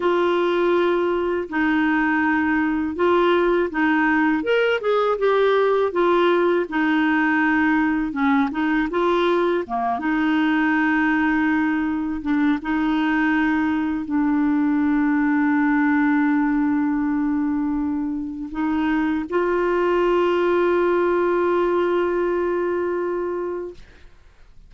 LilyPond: \new Staff \with { instrumentName = "clarinet" } { \time 4/4 \tempo 4 = 81 f'2 dis'2 | f'4 dis'4 ais'8 gis'8 g'4 | f'4 dis'2 cis'8 dis'8 | f'4 ais8 dis'2~ dis'8~ |
dis'8 d'8 dis'2 d'4~ | d'1~ | d'4 dis'4 f'2~ | f'1 | }